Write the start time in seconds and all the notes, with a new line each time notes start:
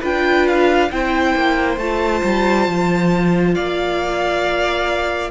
0.00 D4 F4 B4 G5
0.47 F5
0.91 C4 E4 C5 G5
1.35 A#3
1.77 A3 F4 A5
2.23 G3
2.67 F3
3.54 A#3 D5 F5